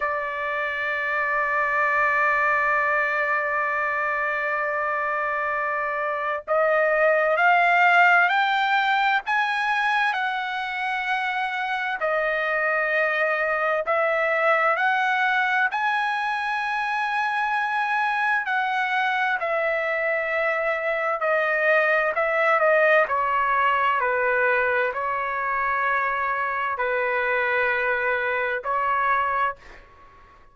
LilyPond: \new Staff \with { instrumentName = "trumpet" } { \time 4/4 \tempo 4 = 65 d''1~ | d''2. dis''4 | f''4 g''4 gis''4 fis''4~ | fis''4 dis''2 e''4 |
fis''4 gis''2. | fis''4 e''2 dis''4 | e''8 dis''8 cis''4 b'4 cis''4~ | cis''4 b'2 cis''4 | }